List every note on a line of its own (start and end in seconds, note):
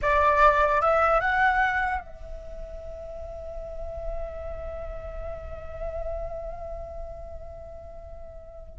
0.02 0.81 D5
0.81 1.20 E5
1.20 2.00 F#5
2.00 8.78 E5